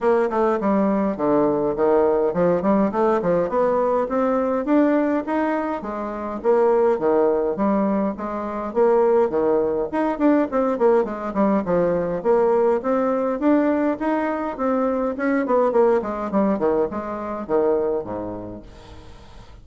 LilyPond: \new Staff \with { instrumentName = "bassoon" } { \time 4/4 \tempo 4 = 103 ais8 a8 g4 d4 dis4 | f8 g8 a8 f8 b4 c'4 | d'4 dis'4 gis4 ais4 | dis4 g4 gis4 ais4 |
dis4 dis'8 d'8 c'8 ais8 gis8 g8 | f4 ais4 c'4 d'4 | dis'4 c'4 cis'8 b8 ais8 gis8 | g8 dis8 gis4 dis4 gis,4 | }